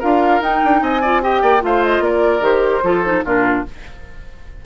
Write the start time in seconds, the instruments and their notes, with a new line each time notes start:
0.00 bassoon D4, clarinet F4, oboe A#4, flute F5
0.41 bassoon D#4, clarinet D#4, flute G5
0.65 bassoon D4
0.82 bassoon C4, oboe D#5, flute G#5
1.02 clarinet F4, oboe D5
1.22 clarinet G4, oboe D#5, flute G5
1.42 bassoon A#3, oboe D5
1.61 bassoon A3, clarinet F4, oboe C5, flute F5
1.85 flute D#5
2.00 bassoon A#3, oboe A#4, flute D5
2.41 bassoon D#3, clarinet G4, flute C5
2.84 bassoon F3, clarinet F4, oboe A4
3.05 clarinet D#4
3.25 bassoon A#2, clarinet D4, oboe F4, flute A#4